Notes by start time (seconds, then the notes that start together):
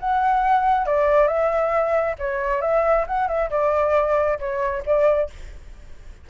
0.00 F#5
0.86 D5
1.27 E5
2.19 C#5
2.61 E5
3.07 F#5
3.28 E5
3.50 D5
4.39 C#5
4.86 D5